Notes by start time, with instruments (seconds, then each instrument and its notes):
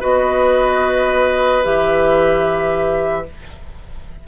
0.00 bassoon B3, clarinet F#4, oboe B4, flute D#5
1.63 bassoon E3, clarinet G4, flute E5